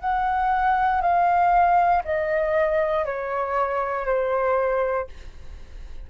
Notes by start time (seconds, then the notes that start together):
0.00 F#5
1.01 F5
2.04 D#5
3.05 C#5
4.05 C5